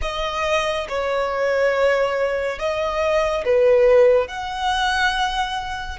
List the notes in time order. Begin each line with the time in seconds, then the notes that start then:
0.01 D#5
0.88 C#5
2.58 D#5
3.45 B4
4.27 F#5